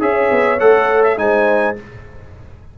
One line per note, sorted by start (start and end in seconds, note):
0.00 0.30 C#4
0.00 0.58 G#4
0.00 1.19 C#5
0.00 0.60 E5
0.31 0.60 B3
0.60 1.18 A3
0.60 1.17 A4
0.60 1.03 F#5
1.04 1.18 E5
1.17 1.76 G#3
1.17 1.76 D#4
1.17 1.78 C5
1.17 1.76 G#5